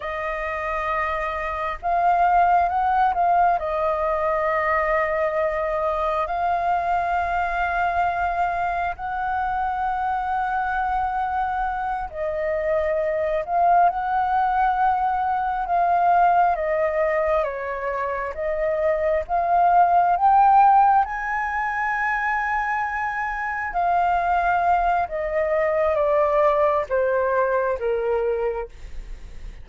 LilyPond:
\new Staff \with { instrumentName = "flute" } { \time 4/4 \tempo 4 = 67 dis''2 f''4 fis''8 f''8 | dis''2. f''4~ | f''2 fis''2~ | fis''4. dis''4. f''8 fis''8~ |
fis''4. f''4 dis''4 cis''8~ | cis''8 dis''4 f''4 g''4 gis''8~ | gis''2~ gis''8 f''4. | dis''4 d''4 c''4 ais'4 | }